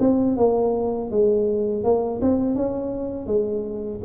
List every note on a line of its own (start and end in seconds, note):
0.00 0.36 C4
0.36 1.10 A#3
1.10 1.84 G#3
1.84 2.21 A#3
2.21 2.55 C4
2.55 3.26 C#4
3.26 4.00 G#3